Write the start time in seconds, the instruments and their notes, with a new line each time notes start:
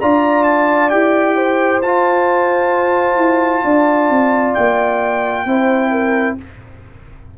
0.00 tuba D4, trombone F4, horn D5, trumpet A#5
0.44 trumpet A5
0.89 tuba E4, trombone G4, trumpet G5
1.36 horn C5
1.82 tuba F4, trombone F4, trumpet A5
3.17 tuba E4
3.64 tuba D4, horn D5
4.09 tuba C4
4.54 tuba A#3, trumpet G5
5.45 tuba C4, trombone E4, horn C5
5.91 horn A#4